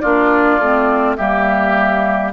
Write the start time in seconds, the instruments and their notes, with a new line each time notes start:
0.00 bassoon A#3, clarinet D4, oboe F4, flute D5
0.59 bassoon A3, clarinet C4
1.16 bassoon G3, clarinet A#3, oboe G4, flute E5